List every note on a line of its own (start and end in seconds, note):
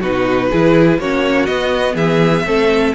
0.00 0.51 B2
0.00 0.51 D#4
0.00 0.49 F#4
0.00 1.00 B4
0.51 0.99 E3
0.51 1.01 E4
0.51 0.99 G#4
0.99 1.48 A#3
0.99 1.47 C#4
0.99 1.95 F#4
0.99 1.46 C#5
1.46 2.44 B3
1.46 1.95 B3
1.46 1.95 D#5
1.95 2.43 E3
1.95 2.43 G#4
1.95 2.94 E5
2.44 2.93 A3
2.44 2.93 C4
2.44 2.95 A4